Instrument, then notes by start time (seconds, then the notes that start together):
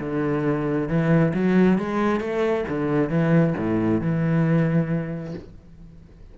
cello
0.00 D3
0.88 E3
1.34 F#3
1.78 G#3
2.20 A3
2.68 D3
3.09 E3
3.57 A2
4.01 E3